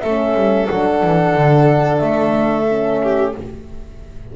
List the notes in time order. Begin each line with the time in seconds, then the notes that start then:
0.00 A3 C#4 A4 E5
0.34 G3
0.67 F#3 D4 F#5
1.03 E3
1.35 D3
1.98 A3 E5
2.69 C#4
3.02 G4